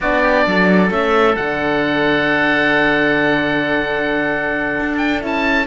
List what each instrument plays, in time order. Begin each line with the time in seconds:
0.00 cello B3, horn D4, oboe F#4 D5
0.21 oboe G4
0.46 cello F#3, oboe A4
0.90 cello A3, horn C#4, oboe E5
1.36 cello D3, horn D4, oboe F#5
4.79 cello D4
4.97 oboe G5
5.20 cello C#4, horn E4, oboe A5